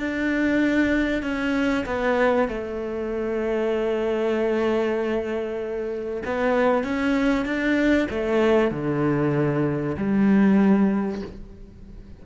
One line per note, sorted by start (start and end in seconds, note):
0.00 1.23 D4
1.23 1.86 C#4
1.86 2.49 B3
2.49 6.24 A3
6.25 6.84 B3
6.84 7.46 C#4
7.46 8.08 D4
8.11 8.72 A3
8.72 9.97 D3
9.97 11.22 G3